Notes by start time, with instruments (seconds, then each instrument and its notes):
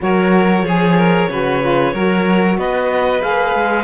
0.01 cello F#3, saxophone F#4, violin A#4, clarinet C#5
0.62 cello F3, saxophone G#4, violin G#4
0.97 violin A#4
1.29 cello C#3, saxophone F#4, violin B4
1.60 saxophone F4
1.93 cello F#3, saxophone F#4, violin A#4
2.58 cello B3, violin B4, clarinet D#5
3.21 cello A#3, saxophone G#4, clarinet F5
3.54 cello G#3